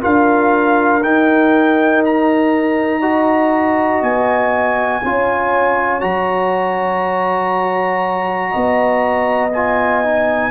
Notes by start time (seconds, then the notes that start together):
0.00 D4 F4 A#4 F5
1.02 D#4 G5
2.05 A#5
3.00 F#4 D#5
4.02 B3 G#5
5.03 C#4 F4 C#5
6.01 F#3 F#4 A#5
8.51 B3 D#5
9.53 F4 G#5
10.04 D#4